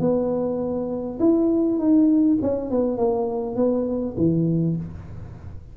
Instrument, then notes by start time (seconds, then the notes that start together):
tuba
0.00 B3
1.19 E4
1.79 D#4
2.42 C#4
2.71 B3
2.98 A#3
3.56 B3
4.17 E3